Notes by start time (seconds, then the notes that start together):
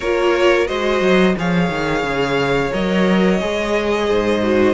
0.00 A#3 F4 A#4 C#5
0.66 G#3 F#4 C5 D#5
1.01 F#3
1.37 F3 G#4 C#5 F5
1.69 D#3
2.02 C#3
2.72 F#3 A#4 D#5
3.40 G#3 G#4
4.08 G#2 C5
4.42 F#4